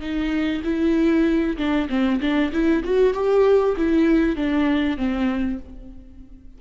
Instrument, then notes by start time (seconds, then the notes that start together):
viola
0.00 D#4
0.64 E4
1.57 D4
1.89 C4
2.20 D4
2.52 E4
2.83 F#4
3.13 G4
3.76 E4
4.36 D4
4.97 C4